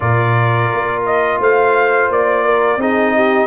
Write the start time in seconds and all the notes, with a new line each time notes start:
0.00 A#2 F4 A#4 D5
0.73 A#3
1.06 D#5
1.39 A3 C5 F5
2.09 A#3 D5
2.44 A#4
2.76 C4 D#4 G#4 D#5
3.15 G4